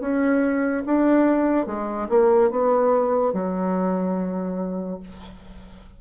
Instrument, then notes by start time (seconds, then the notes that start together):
bassoon
0.00 C#4
0.86 D4
1.66 G#3
2.09 A#3
2.50 B3
3.33 F#3